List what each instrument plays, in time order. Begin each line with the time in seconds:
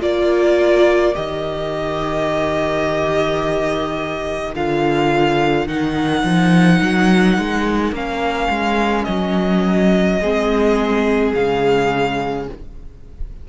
0.00 cello A#3, viola F4, violin A#4 D5
1.14 cello D#3, viola G4, violin D#5
4.55 cello D3, viola F4, violin F5
5.67 cello D#3, viola D#4, violin F#5
6.24 cello F3
6.81 cello F#3
7.38 cello G#3
7.92 cello A#3, viola C#4, violin F5
8.49 cello G#3
9.04 cello F#3, violin D#5
10.20 cello G#3, viola C4, violin G#4
11.34 cello C#3, viola G#3, violin F5